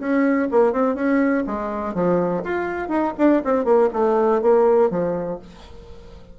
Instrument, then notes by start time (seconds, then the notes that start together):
bassoon
0.00 C#4
0.51 A#3
0.73 C4
0.96 C#4
1.47 G#3
1.95 F3
2.44 F4
2.89 D#4
3.18 D4
3.45 C4
3.65 A#3
3.93 A3
4.42 A#3
4.91 F3